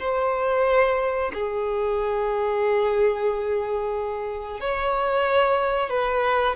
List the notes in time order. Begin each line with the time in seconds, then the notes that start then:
0.00 C5
1.34 G#4
4.61 C#5
5.90 B4